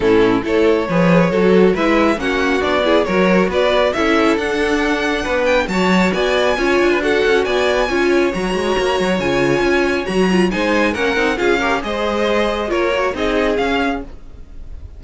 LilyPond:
<<
  \new Staff \with { instrumentName = "violin" } { \time 4/4 \tempo 4 = 137 a'4 cis''2. | e''4 fis''4 d''4 cis''4 | d''4 e''4 fis''2~ | fis''8 g''8 a''4 gis''2 |
fis''4 gis''2 ais''4~ | ais''4 gis''2 ais''4 | gis''4 fis''4 f''4 dis''4~ | dis''4 cis''4 dis''4 f''4 | }
  \new Staff \with { instrumentName = "violin" } { \time 4/4 e'4 a'4 b'4 a'4 | b'4 fis'4. gis'8 ais'4 | b'4 a'2. | b'4 cis''4 d''4 cis''8. b'16 |
a'4 d''4 cis''2~ | cis''1 | c''4 ais'4 gis'8 ais'8 c''4~ | c''4 ais'4 gis'2 | }
  \new Staff \with { instrumentName = "viola" } { \time 4/4 cis'4 e'4 gis'4 fis'4 | e'4 cis'4 d'8 e'8 fis'4~ | fis'4 e'4 d'2~ | d'4 fis'2 f'4 |
fis'2 f'4 fis'4~ | fis'4 f'2 fis'8 f'8 | dis'4 cis'8 dis'8 f'8 g'8 gis'4~ | gis'4 f'8 fis'8 dis'4 cis'4 | }
  \new Staff \with { instrumentName = "cello" } { \time 4/4 a,4 a4 f4 fis4 | gis4 ais4 b4 fis4 | b4 cis'4 d'2 | b4 fis4 b4 cis'8 d'8~ |
d'8 cis'8 b4 cis'4 fis8 gis8 | ais8 fis8 cis4 cis'4 fis4 | gis4 ais8 c'8 cis'4 gis4~ | gis4 ais4 c'4 cis'4 | }
>>